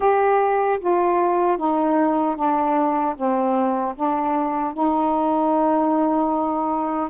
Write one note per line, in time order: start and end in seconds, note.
0.00 0.79 G4
0.79 1.57 F4
1.57 2.36 D#4
2.36 3.15 D4
3.16 3.95 C4
3.95 4.73 D4
4.73 7.09 D#4